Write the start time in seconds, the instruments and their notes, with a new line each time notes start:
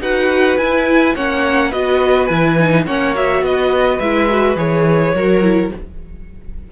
0.00 cello D#4, viola F#4, violin B4 F#5
0.58 cello E4, viola E4, violin G#5
1.15 cello A#3, viola C#4, violin C#5 F#5
1.69 cello B3, viola F#4, violin B4 D#5
2.26 cello E3, viola E4, violin G#5
2.59 viola D#4
2.86 cello A#3, viola C#4, violin C#5 F#5
3.14 viola F#4, violin E5
3.42 cello B3, violin B4 D#5
4.00 cello G#3, viola E4, violin E5
4.29 viola F#4
4.56 cello E3, viola G#4, violin C#5
5.14 cello F#3, viola F#4, violin A#4
5.42 viola E4